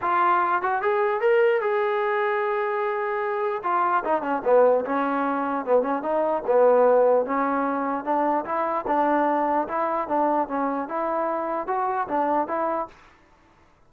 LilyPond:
\new Staff \with { instrumentName = "trombone" } { \time 4/4 \tempo 4 = 149 f'4. fis'8 gis'4 ais'4 | gis'1~ | gis'4 f'4 dis'8 cis'8 b4 | cis'2 b8 cis'8 dis'4 |
b2 cis'2 | d'4 e'4 d'2 | e'4 d'4 cis'4 e'4~ | e'4 fis'4 d'4 e'4 | }